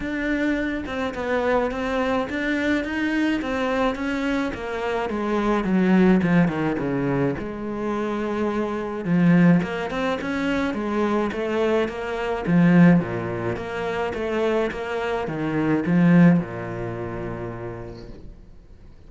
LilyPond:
\new Staff \with { instrumentName = "cello" } { \time 4/4 \tempo 4 = 106 d'4. c'8 b4 c'4 | d'4 dis'4 c'4 cis'4 | ais4 gis4 fis4 f8 dis8 | cis4 gis2. |
f4 ais8 c'8 cis'4 gis4 | a4 ais4 f4 ais,4 | ais4 a4 ais4 dis4 | f4 ais,2. | }